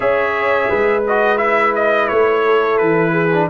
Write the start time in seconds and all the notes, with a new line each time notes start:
0.00 C#4 G#4 C#5 E5
0.69 G#3 B4
1.06 F#4 D#5
1.37 E4 E5
1.75 D#5
2.07 A3 C#5
2.45 A4
2.77 E3 B4
3.11 G#4
3.33 D4